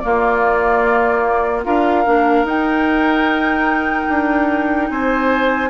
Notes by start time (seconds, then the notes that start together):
0.00 A#3 F4 D5
1.64 D4 F4 A#4 F5
2.05 A#3 D4
2.44 D#4 G5
4.09 D4
4.90 C4 C5 G#5